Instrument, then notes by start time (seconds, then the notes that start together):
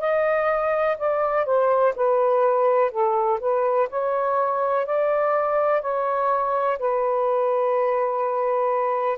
saxophone
0.00 D#5
0.98 D5
1.45 C5
1.96 B4
2.91 A4
3.40 B4
3.89 C#5
4.86 D5
5.82 C#5
6.79 B4